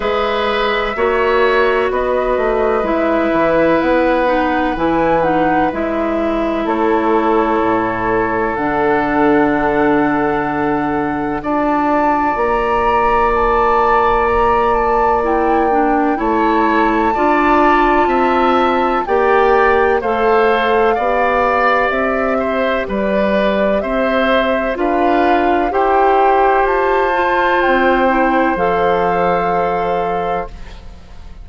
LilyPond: <<
  \new Staff \with { instrumentName = "flute" } { \time 4/4 \tempo 4 = 63 e''2 dis''4 e''4 | fis''4 gis''8 fis''8 e''4 cis''4~ | cis''4 fis''2. | a''4 ais''4 a''4 ais''8 a''8 |
g''4 a''2. | g''4 f''2 e''4 | d''4 e''4 f''4 g''4 | a''4 g''4 f''2 | }
  \new Staff \with { instrumentName = "oboe" } { \time 4/4 b'4 cis''4 b'2~ | b'2. a'4~ | a'1 | d''1~ |
d''4 cis''4 d''4 e''4 | d''4 c''4 d''4. c''8 | b'4 c''4 b'4 c''4~ | c''1 | }
  \new Staff \with { instrumentName = "clarinet" } { \time 4/4 gis'4 fis'2 e'4~ | e'8 dis'8 e'8 dis'8 e'2~ | e'4 d'2. | f'1 |
e'8 d'8 e'4 f'2 | g'4 a'4 g'2~ | g'2 f'4 g'4~ | g'8 f'4 e'8 a'2 | }
  \new Staff \with { instrumentName = "bassoon" } { \time 4/4 gis4 ais4 b8 a8 gis8 e8 | b4 e4 gis4 a4 | a,4 d2. | d'4 ais2.~ |
ais4 a4 d'4 c'4 | ais4 a4 b4 c'4 | g4 c'4 d'4 e'4 | f'4 c'4 f2 | }
>>